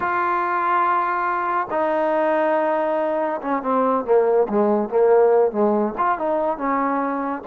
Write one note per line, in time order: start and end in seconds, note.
0.00 1.67 F4
1.70 3.40 D#4
3.41 3.62 C#4
3.62 4.04 C4
4.04 4.47 A#3
4.48 4.89 G#3
4.89 5.51 A#3
5.51 5.94 G#3
5.97 6.18 F4
6.18 6.57 D#4
6.57 7.42 C#4